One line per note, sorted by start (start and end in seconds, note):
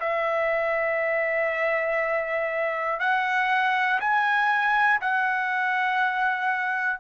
0.00 3.00 E5
3.00 4.00 F#5
4.00 5.00 G#5
5.01 7.00 F#5